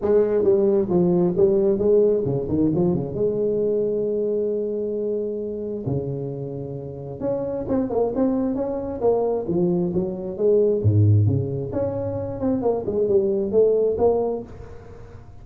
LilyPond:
\new Staff \with { instrumentName = "tuba" } { \time 4/4 \tempo 4 = 133 gis4 g4 f4 g4 | gis4 cis8 dis8 f8 cis8 gis4~ | gis1~ | gis4 cis2. |
cis'4 c'8 ais8 c'4 cis'4 | ais4 f4 fis4 gis4 | gis,4 cis4 cis'4. c'8 | ais8 gis8 g4 a4 ais4 | }